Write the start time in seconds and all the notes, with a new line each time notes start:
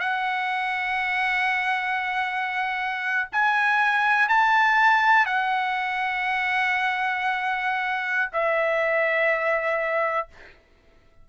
0.00 F#5
3.33 G#5
4.29 A5
5.26 F#5
8.33 E5